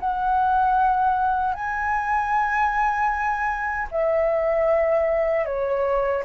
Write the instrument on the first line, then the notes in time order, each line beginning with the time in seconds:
flute
0.00 F#5
1.54 G#5
3.91 E5
5.45 C#5